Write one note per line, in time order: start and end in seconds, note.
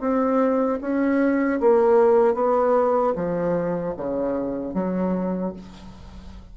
0.00 0.79 C4
0.81 1.60 C#4
1.60 2.34 A#3
2.34 3.13 B3
3.15 3.94 F3
3.97 4.74 C#3
4.74 5.53 F#3